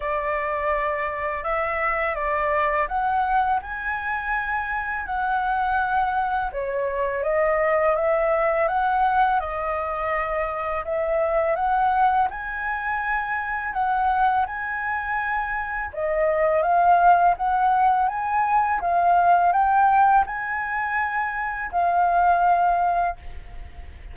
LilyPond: \new Staff \with { instrumentName = "flute" } { \time 4/4 \tempo 4 = 83 d''2 e''4 d''4 | fis''4 gis''2 fis''4~ | fis''4 cis''4 dis''4 e''4 | fis''4 dis''2 e''4 |
fis''4 gis''2 fis''4 | gis''2 dis''4 f''4 | fis''4 gis''4 f''4 g''4 | gis''2 f''2 | }